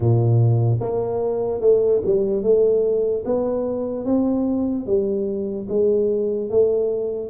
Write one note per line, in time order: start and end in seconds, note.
0.00 0.79 A#2
0.80 1.60 A#3
1.60 2.01 A3
2.05 2.43 G3
2.43 3.24 A3
3.25 4.05 B3
4.05 4.86 C4
4.86 5.67 G3
5.69 6.50 G#3
6.50 7.29 A3